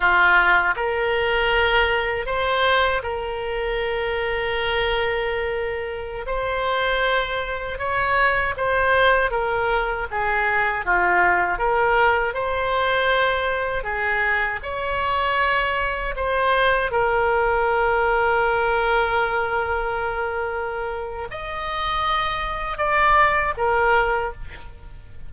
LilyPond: \new Staff \with { instrumentName = "oboe" } { \time 4/4 \tempo 4 = 79 f'4 ais'2 c''4 | ais'1~ | ais'16 c''2 cis''4 c''8.~ | c''16 ais'4 gis'4 f'4 ais'8.~ |
ais'16 c''2 gis'4 cis''8.~ | cis''4~ cis''16 c''4 ais'4.~ ais'16~ | ais'1 | dis''2 d''4 ais'4 | }